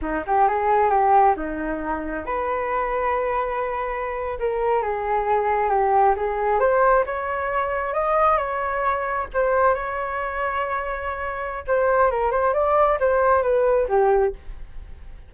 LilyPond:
\new Staff \with { instrumentName = "flute" } { \time 4/4 \tempo 4 = 134 dis'8 g'8 gis'4 g'4 dis'4~ | dis'4 b'2.~ | b'4.~ b'16 ais'4 gis'4~ gis'16~ | gis'8. g'4 gis'4 c''4 cis''16~ |
cis''4.~ cis''16 dis''4 cis''4~ cis''16~ | cis''8. c''4 cis''2~ cis''16~ | cis''2 c''4 ais'8 c''8 | d''4 c''4 b'4 g'4 | }